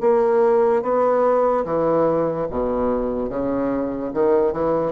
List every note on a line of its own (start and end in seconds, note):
0.00 0.82 A#3
0.82 1.64 B3
1.65 2.47 E3
2.50 3.29 B2
3.29 4.11 C#3
4.14 4.52 D#3
4.52 4.92 E3